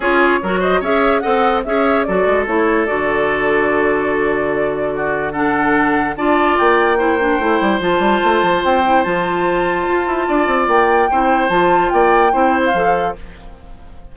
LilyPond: <<
  \new Staff \with { instrumentName = "flute" } { \time 4/4 \tempo 4 = 146 cis''4. dis''8 e''4 fis''4 | e''4 d''4 cis''4 d''4~ | d''1~ | d''4 fis''2 a''4 |
g''2. a''4~ | a''4 g''4 a''2~ | a''2 g''2 | a''4 g''4.~ g''16 f''4~ f''16 | }
  \new Staff \with { instrumentName = "oboe" } { \time 4/4 gis'4 ais'8 c''8 cis''4 dis''4 | cis''4 a'2.~ | a'1 | fis'4 a'2 d''4~ |
d''4 c''2.~ | c''1~ | c''4 d''2 c''4~ | c''4 d''4 c''2 | }
  \new Staff \with { instrumentName = "clarinet" } { \time 4/4 f'4 fis'4 gis'4 a'4 | gis'4 fis'4 e'4 fis'4~ | fis'1~ | fis'4 d'2 f'4~ |
f'4 e'8 d'8 e'4 f'4~ | f'4. e'8 f'2~ | f'2. e'4 | f'2 e'4 a'4 | }
  \new Staff \with { instrumentName = "bassoon" } { \time 4/4 cis'4 fis4 cis'4 c'4 | cis'4 fis8 gis8 a4 d4~ | d1~ | d2. d'4 |
ais2 a8 g8 f8 g8 | a8 f8 c'4 f2 | f'8 e'8 d'8 c'8 ais4 c'4 | f4 ais4 c'4 f4 | }
>>